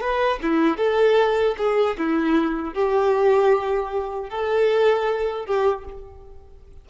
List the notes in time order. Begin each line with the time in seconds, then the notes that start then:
0.00 B4
0.42 E4
0.77 A4
1.57 G#4
1.98 E4
2.73 G4
4.29 A4
5.45 G4